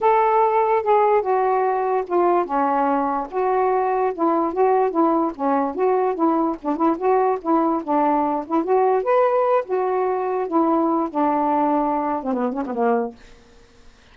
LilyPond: \new Staff \with { instrumentName = "saxophone" } { \time 4/4 \tempo 4 = 146 a'2 gis'4 fis'4~ | fis'4 f'4 cis'2 | fis'2 e'4 fis'4 | e'4 cis'4 fis'4 e'4 |
d'8 e'8 fis'4 e'4 d'4~ | d'8 e'8 fis'4 b'4. fis'8~ | fis'4. e'4. d'4~ | d'4.~ d'16 c'16 b8 cis'16 b16 ais4 | }